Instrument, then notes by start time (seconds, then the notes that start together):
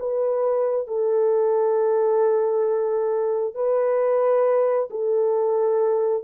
horn
0.00 B4
0.88 A4
3.55 B4
4.90 A4